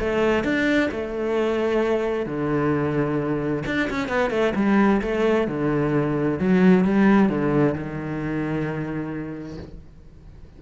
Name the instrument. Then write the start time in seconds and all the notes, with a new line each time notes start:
cello
0.00 A3
0.44 D4
0.91 A3
2.26 D3
3.66 D4
3.90 C#4
4.09 B3
4.31 A3
4.56 G3
5.02 A3
5.48 D3
6.39 F#3
6.85 G3
7.29 D3
7.75 D#3